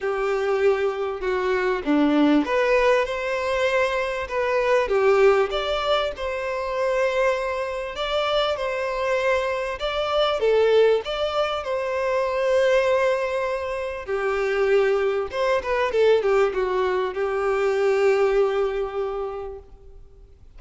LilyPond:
\new Staff \with { instrumentName = "violin" } { \time 4/4 \tempo 4 = 98 g'2 fis'4 d'4 | b'4 c''2 b'4 | g'4 d''4 c''2~ | c''4 d''4 c''2 |
d''4 a'4 d''4 c''4~ | c''2. g'4~ | g'4 c''8 b'8 a'8 g'8 fis'4 | g'1 | }